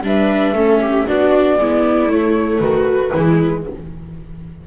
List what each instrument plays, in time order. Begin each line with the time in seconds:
0.00 double bass G3, viola D4 B4, flute E5
0.52 double bass A3, viola C#4 A4
0.81 viola G4
1.06 double bass B3, viola D4 F#4, flute D5
1.57 double bass G#3, viola B3 E4
2.07 double bass A3, viola A3, flute C#5
2.59 double bass D#3, viola F#4, flute B4
3.13 double bass E3, viola G#3 E4